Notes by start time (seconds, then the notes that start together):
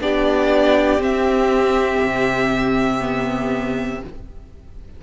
0.00 B3 D4 G4 D5
0.99 C4 E5
2.03 C3
3.00 B3